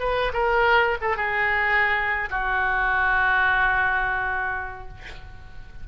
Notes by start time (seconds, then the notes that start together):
0.00 B4
0.33 A#4
1.01 A4
1.17 G#4
2.30 F#4